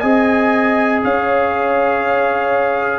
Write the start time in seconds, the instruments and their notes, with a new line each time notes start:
0.00 tuba C4, trombone G#4, horn D#5, trumpet G#5
1.04 tuba C#4, horn C#5, trumpet F5